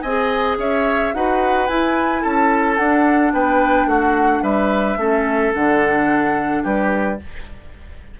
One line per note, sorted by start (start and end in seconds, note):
0.00 0.57 C4
0.00 0.57 D#5
0.00 0.55 G#5
0.06 1.13 G#4
0.57 1.12 C#4
0.57 1.14 C#5
0.57 1.14 E5
1.13 1.68 D#4
1.13 1.68 F#4
1.13 2.22 B4
1.13 1.67 F#5
1.67 2.78 E4
1.67 2.24 E4
1.67 2.22 G#5
2.22 2.78 C#4
2.22 3.32 A4
2.22 2.76 A5
2.76 3.33 D4
2.76 4.98 D4
2.76 3.32 F#5
3.33 3.85 B3
3.33 3.87 B4
3.33 3.88 G5
3.85 4.40 A3
3.85 4.42 F#4
3.85 4.43 F#5
4.42 4.96 G3
4.42 4.97 B4
4.42 5.53 E5
4.96 5.51 A3
4.96 5.53 C#4
4.96 6.63 A4
5.53 6.64 D3
5.53 7.18 D4
5.53 6.64 F#5
6.63 7.19 G3
6.63 7.18 G4
6.63 7.19 B4